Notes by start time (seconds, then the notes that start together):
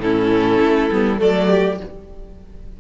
0.00 A2 C#4 E4 A4
0.61 A3
0.91 G3 B3
1.18 F#3 A3 A4 D5
1.48 G4